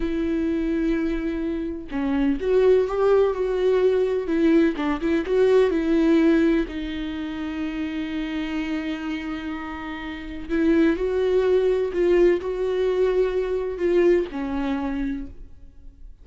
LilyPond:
\new Staff \with { instrumentName = "viola" } { \time 4/4 \tempo 4 = 126 e'1 | cis'4 fis'4 g'4 fis'4~ | fis'4 e'4 d'8 e'8 fis'4 | e'2 dis'2~ |
dis'1~ | dis'2 e'4 fis'4~ | fis'4 f'4 fis'2~ | fis'4 f'4 cis'2 | }